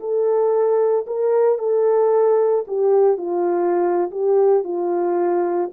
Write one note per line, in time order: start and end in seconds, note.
0.00 1.06 A4
1.07 1.59 A#4
1.59 2.65 A4
2.68 3.18 G4
3.18 4.11 F4
4.11 4.64 G4
4.64 5.71 F4